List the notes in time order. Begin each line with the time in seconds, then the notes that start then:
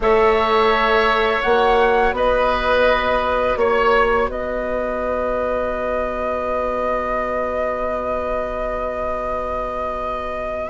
0.00 A3 A4 C#5 E5
1.42 A#3 F#4 F#5
2.12 B3 B4 D#5
3.56 A#3 C#5
4.26 B3 B4 D#5